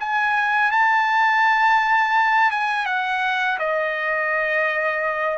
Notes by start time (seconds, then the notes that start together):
0.00 G#5
0.72 A5
2.51 G#5
2.86 F#5
3.59 D#5